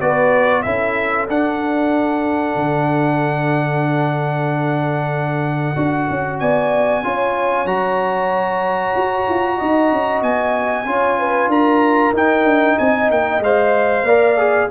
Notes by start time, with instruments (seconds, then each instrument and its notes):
0.00 tuba B3, trombone F#4, horn B4, trumpet D5
0.62 tuba C#4, trombone E4, horn A4, trumpet E5
1.28 tuba D4, trombone D4, trumpet F#5
2.55 tuba D3
5.76 tuba D4, trombone F#4
6.09 tuba C#4
6.39 tuba B3, horn D5, trumpet G#5
7.03 tuba C#4, trombone F4, horn C#5
7.65 tuba F#3, trombone F#4, trumpet A#5
8.95 tuba F#4
9.28 tuba F4
9.57 tuba D#4, horn D#5
9.91 tuba C#4
10.22 tuba B3, trumpet G#5
10.85 tuba C#4, trombone F4, horn C#5
11.19 horn B4
11.47 tuba D4, horn A#4, trumpet A#5
12.13 tuba D#4, trombone D#4, trumpet G5
12.44 tuba D4
12.78 tuba C4, horn D#5, trumpet G#5
13.10 tuba A#3, trumpet G5
13.39 tuba G#3, trombone C5, trumpet F5
14.02 tuba A#3, trombone A#4, horn D5
14.37 trombone G#4